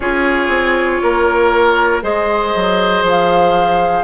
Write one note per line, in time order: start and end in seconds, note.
0.00 0.47 C#4
0.00 2.02 F4
0.00 1.02 G#4
0.00 2.03 C#5
0.47 0.98 C4
1.02 2.02 A#3
1.02 2.03 A#4
2.02 2.53 G#3
2.02 4.04 G#4
2.02 4.04 C5
2.02 3.04 D#5
2.55 3.02 F#3
3.02 4.04 F3
3.09 4.04 F5